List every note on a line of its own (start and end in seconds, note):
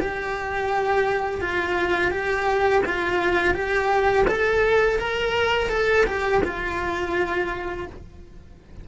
0.00 1.41 G4
1.41 2.11 F4
2.11 2.82 G4
2.85 3.54 F4
3.54 4.25 G4
4.27 4.98 A4
4.99 5.69 A#4
5.69 6.05 A4
6.06 6.42 G4
6.44 7.86 F4